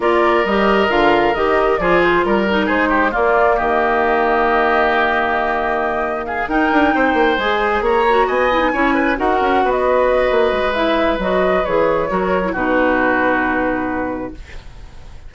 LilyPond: <<
  \new Staff \with { instrumentName = "flute" } { \time 4/4 \tempo 4 = 134 d''4 dis''4 f''4 dis''4 | d''8 c''8 ais'4 c''4 d''4 | dis''1~ | dis''2 f''8 g''4.~ |
g''8 gis''4 ais''4 gis''4.~ | gis''8 fis''4~ fis''16 dis''2~ dis''16 | e''4 dis''4 cis''2 | b'1 | }
  \new Staff \with { instrumentName = "oboe" } { \time 4/4 ais'1 | gis'4 ais'4 gis'8 g'8 f'4 | g'1~ | g'2 gis'8 ais'4 c''8~ |
c''4. cis''4 dis''4 cis''8 | b'8 ais'4 b'2~ b'8~ | b'2. ais'4 | fis'1 | }
  \new Staff \with { instrumentName = "clarinet" } { \time 4/4 f'4 g'4 f'4 g'4 | f'4. dis'4. ais4~ | ais1~ | ais2~ ais8 dis'4.~ |
dis'8 gis'4. fis'4 e'16 dis'16 e'8~ | e'8 fis'2.~ fis'8 | e'4 fis'4 gis'4 fis'8. e'16 | dis'1 | }
  \new Staff \with { instrumentName = "bassoon" } { \time 4/4 ais4 g4 d4 dis4 | f4 g4 gis4 ais4 | dis1~ | dis2~ dis8 dis'8 d'8 c'8 |
ais8 gis4 ais4 b4 cis'8~ | cis'8 dis'8 cis'8 b4. ais8 gis8~ | gis4 fis4 e4 fis4 | b,1 | }
>>